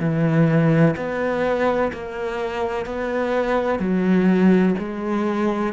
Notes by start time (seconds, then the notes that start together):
0.00 E3
0.96 B3
1.93 A#3
2.86 B3
3.79 F#3
4.78 G#3